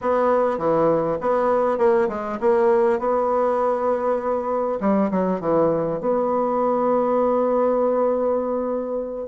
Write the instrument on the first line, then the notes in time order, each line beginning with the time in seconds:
bassoon
0.01 B3
0.58 E3
1.20 B3
1.78 A#3
2.08 G#3
2.40 A#3
2.99 B3
4.80 G3
5.10 F#3
5.40 E3
6.00 B3